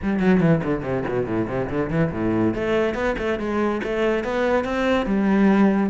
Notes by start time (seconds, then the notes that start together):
0.02 G3
0.19 F#3
0.40 E3
0.63 D3
0.82 C3
1.08 B2
1.26 A2
1.48 C3
1.69 D3
1.90 E3
2.12 A2
2.54 A3
2.94 B3
3.18 A3
3.39 G#3
3.83 A3
4.24 B3
4.64 C4
5.06 G3